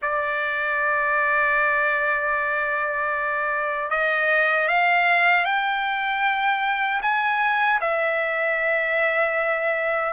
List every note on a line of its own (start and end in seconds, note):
0.02 3.90 D5
3.90 4.68 D#5
4.68 5.44 F5
5.44 7.00 G5
7.02 7.80 G#5
7.80 10.13 E5